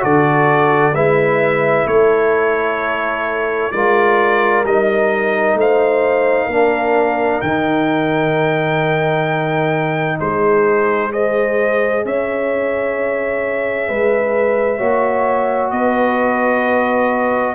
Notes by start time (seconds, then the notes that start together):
0.00 D3 F#4 A4 D5
0.94 G#3 E4 B4 E5
1.87 A3 A4 C#5
3.72 G#3 F4 A#4 D5
4.64 G3 D#4 D#5
5.55 A3 C5 F5
6.46 A#3 D4 A#4
7.42 D#3 D#4 G5
10.20 G#3 G#4 C5
11.11 G#4 C5 D#5
12.05 C#4 C#5 E5
13.89 G#3 B4
14.78 A#3 F#4 C#5
15.71 B3 B4 D#5